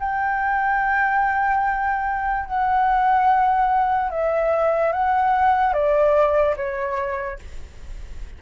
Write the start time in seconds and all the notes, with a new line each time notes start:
0.00 G5
2.47 F#5
4.11 E5
4.93 F#5
5.73 D5
6.57 C#5